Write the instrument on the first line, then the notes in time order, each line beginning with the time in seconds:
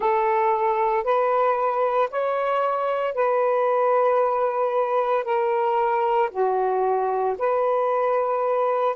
saxophone
0.00 A4
1.04 B4
2.10 C#5
3.14 B4
5.24 A#4
6.31 F#4
7.38 B4